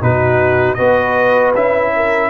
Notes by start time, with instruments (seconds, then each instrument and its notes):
0.00 tuba B2, trombone D#4, horn F#4, trumpet B4
0.74 tuba B3, trombone F#4, horn B4, trumpet D#5
1.54 tuba C#4, trombone E4, trumpet E5
1.96 horn A#4